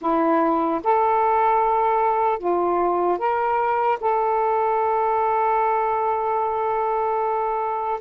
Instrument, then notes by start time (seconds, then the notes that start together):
saxophone
0.01 E4
0.83 A4
2.39 F4
3.18 A#4
4.00 A4